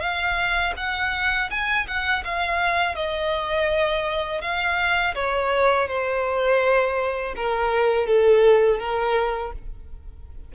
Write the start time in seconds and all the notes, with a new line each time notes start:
0.00 F5
0.77 F#5
1.50 G#5
1.87 F#5
2.24 F5
2.95 D#5
4.41 F5
5.15 C#5
5.88 C5
7.36 A#4
8.07 A4
8.79 A#4